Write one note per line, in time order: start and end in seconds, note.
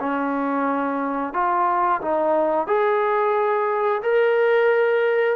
0.00 1.34 C#4
1.34 2.01 F4
2.02 2.67 D#4
2.67 4.02 G#4
4.03 5.36 A#4